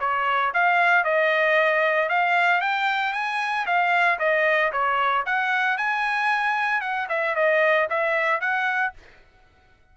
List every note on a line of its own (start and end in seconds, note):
0.00 0.53 C#5
0.54 1.04 F5
1.04 2.09 D#5
2.09 2.61 F5
2.61 3.13 G5
3.13 3.66 G#5
3.66 4.19 F5
4.19 4.72 D#5
4.72 5.25 C#5
5.26 5.77 F#5
5.77 6.81 G#5
6.81 7.07 F#5
7.09 7.35 E5
7.35 7.88 D#5
7.90 8.41 E5
8.41 8.93 F#5